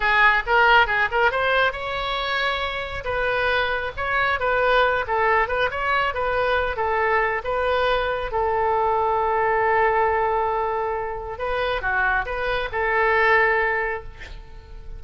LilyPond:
\new Staff \with { instrumentName = "oboe" } { \time 4/4 \tempo 4 = 137 gis'4 ais'4 gis'8 ais'8 c''4 | cis''2. b'4~ | b'4 cis''4 b'4. a'8~ | a'8 b'8 cis''4 b'4. a'8~ |
a'4 b'2 a'4~ | a'1~ | a'2 b'4 fis'4 | b'4 a'2. | }